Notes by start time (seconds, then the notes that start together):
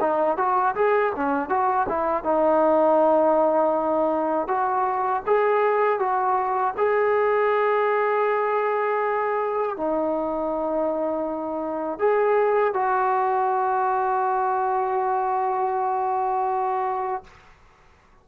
0.00 D#4
0.37 F#4
0.75 G#4
1.15 C#4
1.49 F#4
1.89 E4
2.23 D#4
4.47 F#4
5.26 G#4
5.99 F#4
6.77 G#4
9.76 D#4
11.98 G#4
12.73 F#4